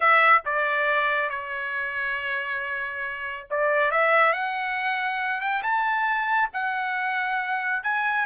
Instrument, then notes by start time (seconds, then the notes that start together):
trumpet
0.00 E5
0.45 D5
1.29 C#5
3.50 D5
3.91 E5
4.32 F#5
5.40 G5
5.62 A5
6.53 F#5
7.83 G#5